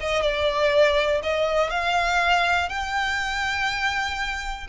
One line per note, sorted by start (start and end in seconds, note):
0.00 0.22 D#5
0.22 1.21 D5
1.23 1.70 D#5
1.70 2.69 F5
2.69 4.67 G5